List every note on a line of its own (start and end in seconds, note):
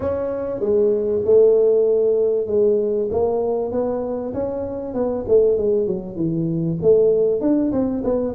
0.00 0.60 C#4
0.60 1.21 G#3
1.25 2.47 A3
2.47 3.08 G#3
3.11 3.71 A#3
3.71 4.33 B3
4.33 4.93 C#4
4.93 5.24 B3
5.27 5.57 A3
5.57 5.87 G#3
5.87 6.15 F#3
6.15 6.77 E3
6.82 7.41 A3
7.41 7.72 D4
7.72 8.02 C4
8.04 8.34 B3